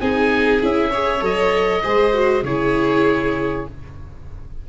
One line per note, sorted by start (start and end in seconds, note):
0.00 0.62 C4
0.00 0.61 D#4
0.00 0.90 G#4
0.00 0.61 G#5
0.61 1.21 C#4
0.61 0.91 E4
0.61 1.24 E5
0.90 1.20 G#4
0.90 1.82 C#5
1.20 1.82 F#3
1.20 1.81 A4
1.20 2.44 D#5
1.82 2.42 G#3
1.82 2.13 G#4
1.82 2.43 C5
2.13 2.44 F#4
2.42 3.65 C#3
2.42 3.69 E4
2.42 3.67 G#4
2.42 3.66 C#5